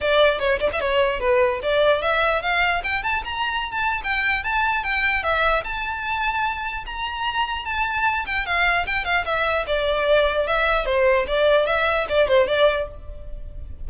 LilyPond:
\new Staff \with { instrumentName = "violin" } { \time 4/4 \tempo 4 = 149 d''4 cis''8 d''16 e''16 cis''4 b'4 | d''4 e''4 f''4 g''8 a''8 | ais''4~ ais''16 a''8. g''4 a''4 | g''4 e''4 a''2~ |
a''4 ais''2 a''4~ | a''8 g''8 f''4 g''8 f''8 e''4 | d''2 e''4 c''4 | d''4 e''4 d''8 c''8 d''4 | }